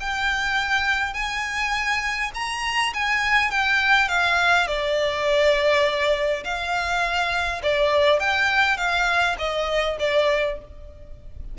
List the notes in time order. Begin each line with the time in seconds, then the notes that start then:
0.00 G5
1.14 G#5
2.34 A#5
2.94 G#5
3.51 G5
4.08 F5
4.67 D5
6.44 F5
7.63 D5
8.20 G5
8.77 F5
9.39 D#5
9.99 D5